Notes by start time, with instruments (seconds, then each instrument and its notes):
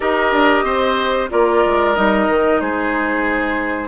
0.00 bassoon D#4, clarinet G4, oboe A#4, flute D#5
0.32 bassoon D4
0.63 bassoon C4, oboe C5
1.30 bassoon A#3, clarinet F4, oboe A#4, flute D5
1.65 bassoon G#3
1.95 bassoon G3, clarinet D#4, flute D#5
2.28 bassoon D#3
2.60 bassoon G#3, oboe G#4, flute C5